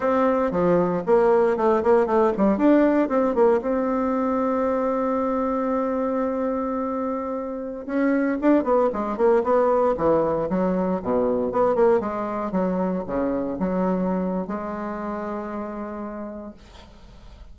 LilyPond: \new Staff \with { instrumentName = "bassoon" } { \time 4/4 \tempo 4 = 116 c'4 f4 ais4 a8 ais8 | a8 g8 d'4 c'8 ais8 c'4~ | c'1~ | c'2.~ c'16 cis'8.~ |
cis'16 d'8 b8 gis8 ais8 b4 e8.~ | e16 fis4 b,4 b8 ais8 gis8.~ | gis16 fis4 cis4 fis4.~ fis16 | gis1 | }